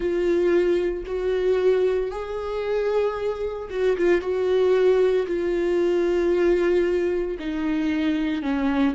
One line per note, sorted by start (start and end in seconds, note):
0.00 1.03 F4
1.05 2.11 F#4
2.11 3.68 G#4
3.70 3.96 F#4
3.97 4.21 F4
4.21 5.26 F#4
5.26 7.37 F4
7.39 8.42 D#4
8.42 8.95 C#4